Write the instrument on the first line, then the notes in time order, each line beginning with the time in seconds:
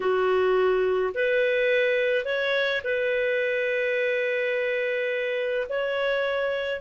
clarinet
0.00 F#4
1.14 B4
2.25 C#5
2.84 B4
5.69 C#5